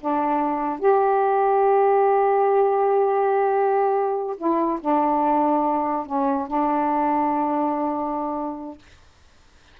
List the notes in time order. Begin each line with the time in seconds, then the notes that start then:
0.00 D4
0.79 G4
4.37 E4
4.80 D4
6.06 C#4
6.47 D4